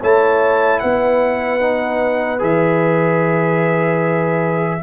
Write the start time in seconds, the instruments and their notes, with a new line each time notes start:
0.00 tuba A3, trombone E4, horn C#5, trumpet A5
0.80 tuba B3, horn B4, trumpet F#5
1.60 trombone D#4
2.39 tuba E3, trombone G#4, trumpet E5